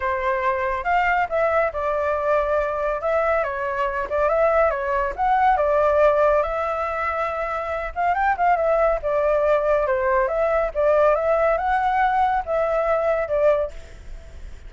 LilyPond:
\new Staff \with { instrumentName = "flute" } { \time 4/4 \tempo 4 = 140 c''2 f''4 e''4 | d''2. e''4 | cis''4. d''8 e''4 cis''4 | fis''4 d''2 e''4~ |
e''2~ e''8 f''8 g''8 f''8 | e''4 d''2 c''4 | e''4 d''4 e''4 fis''4~ | fis''4 e''2 d''4 | }